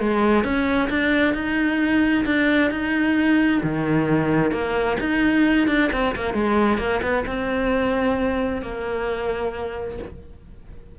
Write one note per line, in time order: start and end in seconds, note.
0.00 0.44 G#3
0.44 0.89 C#4
0.89 1.34 D4
1.34 2.25 D#4
2.25 2.70 D4
2.70 3.61 D#4
3.63 4.52 D#3
4.52 4.97 A#3
5.00 5.68 D#4
5.68 5.90 D4
5.92 6.15 C4
6.15 6.33 A#3
6.33 6.78 G#3
6.78 7.00 A#3
7.02 7.25 B3
7.26 8.62 C4
8.62 9.98 A#3